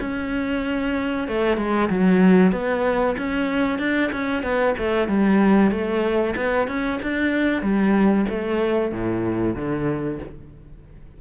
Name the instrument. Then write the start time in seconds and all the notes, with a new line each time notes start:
cello
0.00 C#4
1.28 A3
1.57 G#3
1.89 F#3
2.52 B3
3.17 C#4
3.79 D4
4.12 C#4
4.42 B3
4.78 A3
5.08 G3
5.71 A3
6.36 B3
6.68 C#4
7.02 D4
7.62 G3
8.29 A3
8.92 A2
9.55 D3